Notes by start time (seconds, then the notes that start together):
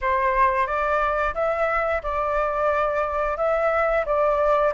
0.01 C5
0.66 D5
1.34 E5
2.02 D5
3.37 E5
4.05 D5